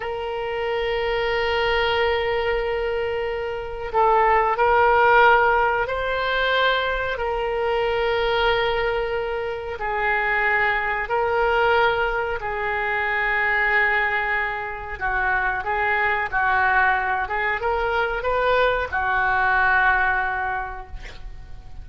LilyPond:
\new Staff \with { instrumentName = "oboe" } { \time 4/4 \tempo 4 = 92 ais'1~ | ais'2 a'4 ais'4~ | ais'4 c''2 ais'4~ | ais'2. gis'4~ |
gis'4 ais'2 gis'4~ | gis'2. fis'4 | gis'4 fis'4. gis'8 ais'4 | b'4 fis'2. | }